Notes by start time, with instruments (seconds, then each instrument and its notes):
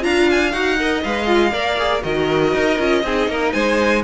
0.00 cello D4, viola F4, violin F5 A#5
0.31 violin G#5
0.51 cello D#4, viola F#4, violin F#5
0.79 viola A#4, violin D#5
1.03 cello G#3, viola B4, violin F5
1.26 viola F4
1.52 cello A#3, viola A#4, violin D5
1.78 viola G#4
2.01 cello D#3, viola F#4, violin A#4 D#5
2.54 cello D#4
2.78 cello C#4, viola F4
3.03 cello C4, viola D#4, violin G#4
3.28 cello A#3, violin A#4
3.52 cello G#3, violin C5 G#5